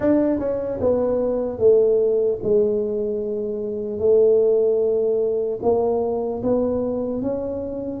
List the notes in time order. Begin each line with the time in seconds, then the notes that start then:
0.00 D4
0.39 C#4
0.80 B3
1.59 A3
2.43 G#3
3.99 A3
5.62 A#3
6.42 B3
7.21 C#4